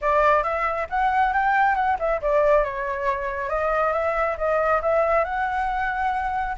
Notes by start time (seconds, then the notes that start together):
0.01 D5
0.43 E5
0.89 F#5
1.33 G5
1.75 F#5
1.99 E5
2.21 D5
2.64 C#5
3.49 D#5
3.93 E5
4.37 D#5
4.82 E5
5.24 F#5